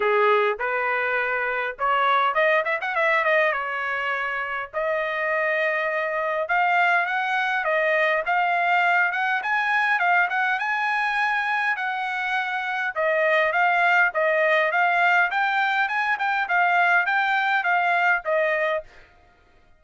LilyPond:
\new Staff \with { instrumentName = "trumpet" } { \time 4/4 \tempo 4 = 102 gis'4 b'2 cis''4 | dis''8 e''16 fis''16 e''8 dis''8 cis''2 | dis''2. f''4 | fis''4 dis''4 f''4. fis''8 |
gis''4 f''8 fis''8 gis''2 | fis''2 dis''4 f''4 | dis''4 f''4 g''4 gis''8 g''8 | f''4 g''4 f''4 dis''4 | }